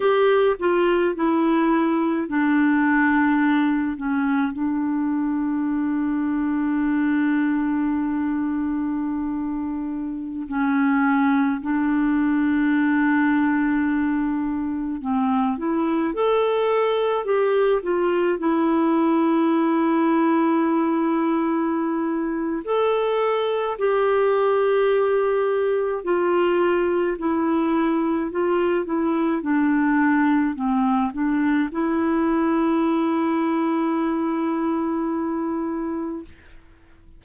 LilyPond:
\new Staff \with { instrumentName = "clarinet" } { \time 4/4 \tempo 4 = 53 g'8 f'8 e'4 d'4. cis'8 | d'1~ | d'4~ d'16 cis'4 d'4.~ d'16~ | d'4~ d'16 c'8 e'8 a'4 g'8 f'16~ |
f'16 e'2.~ e'8. | a'4 g'2 f'4 | e'4 f'8 e'8 d'4 c'8 d'8 | e'1 | }